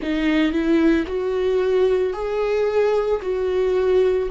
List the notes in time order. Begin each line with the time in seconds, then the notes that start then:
0.01 D#4
0.52 E4
1.07 F#4
2.13 G#4
3.21 F#4